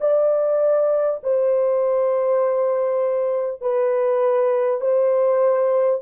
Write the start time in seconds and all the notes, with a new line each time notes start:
0.00 D5
1.23 C5
3.61 B4
4.80 C5